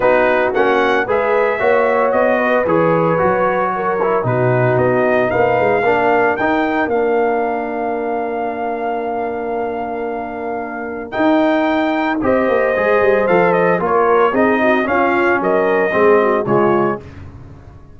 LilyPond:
<<
  \new Staff \with { instrumentName = "trumpet" } { \time 4/4 \tempo 4 = 113 b'4 fis''4 e''2 | dis''4 cis''2. | b'4 dis''4 f''2 | g''4 f''2.~ |
f''1~ | f''4 g''2 dis''4~ | dis''4 f''8 dis''8 cis''4 dis''4 | f''4 dis''2 cis''4 | }
  \new Staff \with { instrumentName = "horn" } { \time 4/4 fis'2 b'4 cis''4~ | cis''8 b'2~ b'8 ais'4 | fis'2 b'4 ais'4~ | ais'1~ |
ais'1~ | ais'2. c''4~ | c''2 ais'4 gis'8 fis'8 | f'4 ais'4 gis'8 fis'8 f'4 | }
  \new Staff \with { instrumentName = "trombone" } { \time 4/4 dis'4 cis'4 gis'4 fis'4~ | fis'4 gis'4 fis'4. e'8 | dis'2. d'4 | dis'4 d'2.~ |
d'1~ | d'4 dis'2 g'4 | gis'4 a'4 f'4 dis'4 | cis'2 c'4 gis4 | }
  \new Staff \with { instrumentName = "tuba" } { \time 4/4 b4 ais4 gis4 ais4 | b4 e4 fis2 | b,4 b4 ais8 gis8 ais4 | dis'4 ais2.~ |
ais1~ | ais4 dis'2 c'8 ais8 | gis8 g8 f4 ais4 c'4 | cis'4 fis4 gis4 cis4 | }
>>